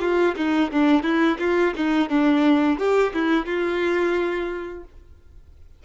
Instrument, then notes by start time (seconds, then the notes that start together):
violin
0.00 F4
0.36 D#4
0.71 D4
1.03 E4
1.39 F4
1.76 D#4
2.09 D4
2.78 G4
3.13 E4
3.46 F4